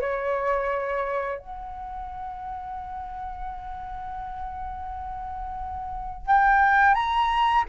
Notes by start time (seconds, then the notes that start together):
0.00 C#5
1.39 F#5
6.27 G5
6.94 A#5